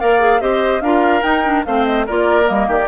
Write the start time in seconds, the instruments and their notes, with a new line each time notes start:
0.00 bassoon A#3, clarinet A#4, oboe D5, flute F5
0.20 clarinet G#4
0.41 bassoon C4, clarinet G4, oboe C5, flute D#5
0.81 bassoon D4, clarinet F4, oboe A#4, flute F5
1.22 clarinet D#4, bassoon D#4, flute G5
1.45 clarinet D4
1.65 bassoon A3, clarinet C4, oboe C5, flute F5
1.85 flute D#5
2.07 bassoon A#3, clarinet F4, oboe A#4, flute D5
2.44 bassoon G3, clarinet A#3, flute D#5
2.68 bassoon D#3, oboe G4, flute D5